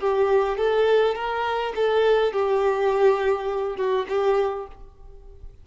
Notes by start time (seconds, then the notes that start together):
0.00 G4
0.57 A4
1.15 A#4
1.76 A4
2.33 G4
3.77 F#4
4.09 G4